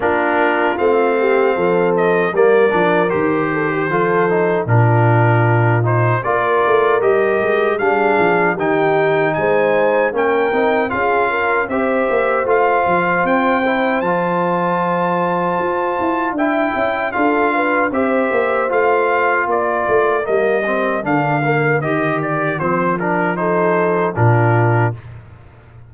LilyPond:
<<
  \new Staff \with { instrumentName = "trumpet" } { \time 4/4 \tempo 4 = 77 ais'4 f''4. dis''8 d''4 | c''2 ais'4. c''8 | d''4 dis''4 f''4 g''4 | gis''4 g''4 f''4 e''4 |
f''4 g''4 a''2~ | a''4 g''4 f''4 e''4 | f''4 d''4 dis''4 f''4 | dis''8 d''8 c''8 ais'8 c''4 ais'4 | }
  \new Staff \with { instrumentName = "horn" } { \time 4/4 f'4. g'8 a'4 ais'4~ | ais'8 a'16 g'16 a'4 f'2 | ais'2 gis'4 g'4 | c''4 ais'4 gis'8 ais'8 c''4~ |
c''1~ | c''4 e''4 a'8 b'8 c''4~ | c''4 ais'2.~ | ais'2 a'4 f'4 | }
  \new Staff \with { instrumentName = "trombone" } { \time 4/4 d'4 c'2 ais8 d'8 | g'4 f'8 dis'8 d'4. dis'8 | f'4 g'4 d'4 dis'4~ | dis'4 cis'8 dis'8 f'4 g'4 |
f'4. e'8 f'2~ | f'4 e'4 f'4 g'4 | f'2 ais8 c'8 d'8 ais8 | g'4 c'8 d'8 dis'4 d'4 | }
  \new Staff \with { instrumentName = "tuba" } { \time 4/4 ais4 a4 f4 g8 f8 | dis4 f4 ais,2 | ais8 a8 g8 gis8 g8 f8 dis4 | gis4 ais8 c'8 cis'4 c'8 ais8 |
a8 f8 c'4 f2 | f'8 e'8 d'8 cis'8 d'4 c'8 ais8 | a4 ais8 a8 g4 d4 | dis4 f2 ais,4 | }
>>